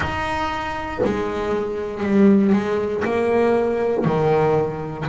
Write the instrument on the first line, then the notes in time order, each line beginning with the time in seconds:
double bass
0.00 D#4
1.04 G#3
2.03 G3
2.52 G#3
3.04 A#3
4.04 D#3